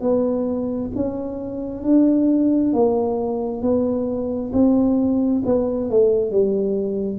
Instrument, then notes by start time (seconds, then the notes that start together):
tuba
0.00 B3
0.95 C#4
1.83 D4
2.73 A#3
3.61 B3
4.53 C4
5.45 B3
5.90 A3
6.31 G3